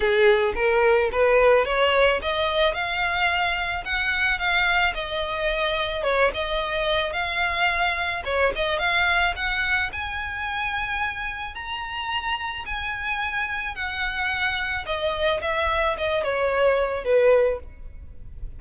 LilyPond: \new Staff \with { instrumentName = "violin" } { \time 4/4 \tempo 4 = 109 gis'4 ais'4 b'4 cis''4 | dis''4 f''2 fis''4 | f''4 dis''2 cis''8 dis''8~ | dis''4 f''2 cis''8 dis''8 |
f''4 fis''4 gis''2~ | gis''4 ais''2 gis''4~ | gis''4 fis''2 dis''4 | e''4 dis''8 cis''4. b'4 | }